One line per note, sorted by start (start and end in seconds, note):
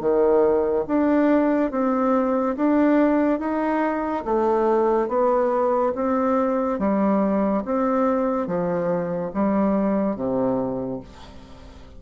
0.00 0.85 D#3
0.87 1.71 D4
1.71 2.55 C4
2.56 3.39 D4
3.39 4.24 D#4
4.24 5.08 A3
5.08 5.92 B3
5.95 6.79 C4
6.79 7.63 G3
7.64 8.47 C4
8.47 9.31 F3
9.33 10.15 G3
10.15 11.00 C3